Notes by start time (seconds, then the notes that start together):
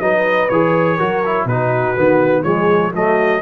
0.00 F#3 D#4 B4 D#5
0.49 E3 G#4 C#5
0.98 F#3 F#4 A#4
1.26 E4
1.46 B2 D#4 F#4 B4
1.97 D#3 B3
2.43 F3 G#3 G#4 C#5
2.94 F#3 A3 F#4 D#5